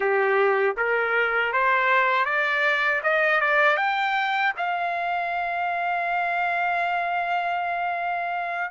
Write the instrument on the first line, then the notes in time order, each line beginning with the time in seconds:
trumpet
0.00 G4
0.76 A#4
1.52 C5
2.25 D5
3.03 D#5
3.40 D5
3.77 G5
4.57 F5